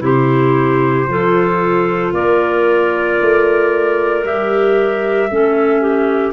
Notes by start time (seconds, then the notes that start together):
0.00 C3 E4 G4 C5
1.07 F3 F4 A4
2.13 A#3 A#4 D5
3.21 A3
4.24 G3 G4 E5
5.31 A3 C#4 A4
5.81 G4